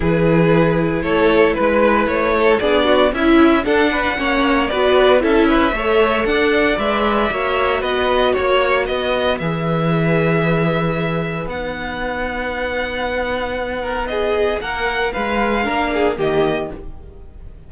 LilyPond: <<
  \new Staff \with { instrumentName = "violin" } { \time 4/4 \tempo 4 = 115 b'2 cis''4 b'4 | cis''4 d''4 e''4 fis''4~ | fis''4 d''4 e''2 | fis''4 e''2 dis''4 |
cis''4 dis''4 e''2~ | e''2 fis''2~ | fis''2. dis''4 | fis''4 f''2 dis''4 | }
  \new Staff \with { instrumentName = "violin" } { \time 4/4 gis'2 a'4 b'4~ | b'8 a'8 gis'8 fis'8 e'4 a'8 b'8 | cis''4 b'4 a'8 b'8 cis''4 | d''2 cis''4 b'4 |
cis''4 b'2.~ | b'1~ | b'2~ b'8 ais'8 gis'4 | ais'4 b'4 ais'8 gis'8 g'4 | }
  \new Staff \with { instrumentName = "viola" } { \time 4/4 e'1~ | e'4 d'4 e'4 d'4 | cis'4 fis'4 e'4 a'4~ | a'4 b'4 fis'2~ |
fis'2 gis'2~ | gis'2 dis'2~ | dis'1~ | dis'2 d'4 ais4 | }
  \new Staff \with { instrumentName = "cello" } { \time 4/4 e2 a4 gis4 | a4 b4 cis'4 d'4 | ais4 b4 cis'4 a4 | d'4 gis4 ais4 b4 |
ais4 b4 e2~ | e2 b2~ | b1 | ais4 gis4 ais4 dis4 | }
>>